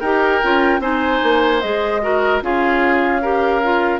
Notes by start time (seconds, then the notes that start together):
0.00 D#4 G4 A#4 G5
0.42 C#4 F4
0.79 C4 D#4 C5 G#5
1.23 A#3
1.60 G#3 G#4 D#5
2.01 F#4 A#4
2.41 C#4 F4 G#4 F5
3.22 G4 A#4
3.63 F4